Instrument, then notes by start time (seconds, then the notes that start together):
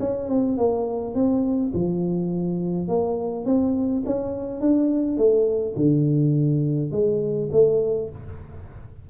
tuba
0.00 C#4
0.29 C4
0.57 A#3
1.15 C4
1.74 F3
2.88 A#3
3.46 C4
4.06 C#4
4.61 D4
5.18 A3
5.76 D3
6.92 G#3
7.52 A3